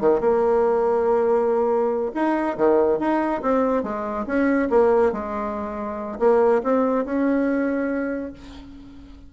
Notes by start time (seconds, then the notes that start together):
0.00 D#3
0.20 A#3
2.14 D#4
2.57 D#3
2.99 D#4
3.41 C4
3.83 G#3
4.26 C#4
4.69 A#3
5.12 G#3
6.19 A#3
6.63 C4
7.05 C#4